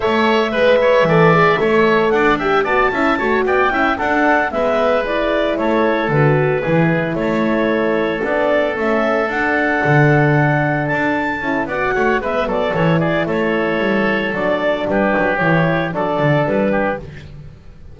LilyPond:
<<
  \new Staff \with { instrumentName = "clarinet" } { \time 4/4 \tempo 4 = 113 e''1 | fis''8 g''8 a''4. g''4 fis''8~ | fis''8 e''4 d''4 cis''4 b'8~ | b'4. cis''2 d''8~ |
d''8 e''4 fis''2~ fis''8~ | fis''8 a''4. fis''4 e''8 d''8 | cis''8 d''8 cis''2 d''4 | b'4 cis''4 d''4 b'4 | }
  \new Staff \with { instrumentName = "oboe" } { \time 4/4 cis''4 b'8 cis''8 d''4 cis''4 | d''8 e''8 d''8 e''8 cis''8 d''8 e''8 a'8~ | a'8 b'2 a'4.~ | a'8 gis'4 a'2~ a'8~ |
a'1~ | a'2 d''8 cis''8 b'8 a'8~ | a'8 gis'8 a'2. | g'2 a'4. g'8 | }
  \new Staff \with { instrumentName = "horn" } { \time 4/4 a'4 b'4 a'8 gis'8 a'4~ | a'8 g'8 fis'8 e'8 fis'4 e'8 d'8~ | d'8 b4 e'2 fis'8~ | fis'8 e'2. d'8~ |
d'8 cis'4 d'2~ d'8~ | d'4. e'8 fis'4 b4 | e'2. d'4~ | d'4 e'4 d'2 | }
  \new Staff \with { instrumentName = "double bass" } { \time 4/4 a4 gis4 e4 a4 | d'4 b8 cis'8 a8 b8 cis'8 d'8~ | d'8 gis2 a4 d8~ | d8 e4 a2 b8~ |
b8 a4 d'4 d4.~ | d8 d'4 cis'8 b8 a8 gis8 fis8 | e4 a4 g4 fis4 | g8 fis8 e4 fis8 d8 g4 | }
>>